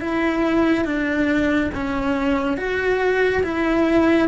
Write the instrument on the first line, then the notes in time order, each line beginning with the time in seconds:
cello
0.00 E4
0.84 D4
1.74 C#4
2.57 F#4
3.43 E4